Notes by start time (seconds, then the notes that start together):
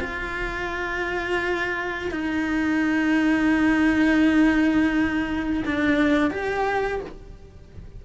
0.00 F4
2.10 D#4
5.65 D4
6.30 G4